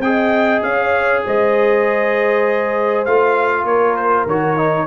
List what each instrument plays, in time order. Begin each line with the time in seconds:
0.00 tuba C4, trombone G#4, trumpet G5
0.07 horn D#5
0.63 tuba C#4, horn C#5, trumpet F5
1.25 tuba G#3, horn C5, trumpet D#5
3.05 tuba A3, trombone F4, trumpet F5
3.64 tuba A#3, horn A#4, trumpet C#5
3.96 trumpet C5
4.26 tuba D#3, trombone F#4, trumpet C#5
4.57 trombone D#4